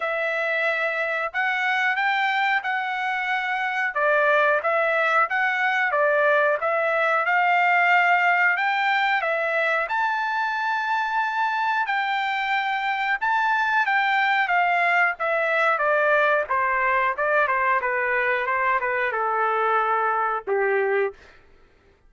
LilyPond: \new Staff \with { instrumentName = "trumpet" } { \time 4/4 \tempo 4 = 91 e''2 fis''4 g''4 | fis''2 d''4 e''4 | fis''4 d''4 e''4 f''4~ | f''4 g''4 e''4 a''4~ |
a''2 g''2 | a''4 g''4 f''4 e''4 | d''4 c''4 d''8 c''8 b'4 | c''8 b'8 a'2 g'4 | }